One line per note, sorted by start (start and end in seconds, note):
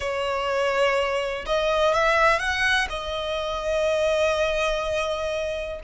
0.00 1.45 C#5
1.46 1.94 D#5
1.94 2.39 E5
2.39 2.87 F#5
2.89 5.80 D#5